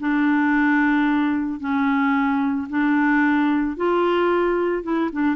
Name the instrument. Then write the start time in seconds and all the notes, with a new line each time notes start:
clarinet
0.00 D4
1.60 C#4
2.70 D4
3.77 F4
4.84 E4
5.13 D4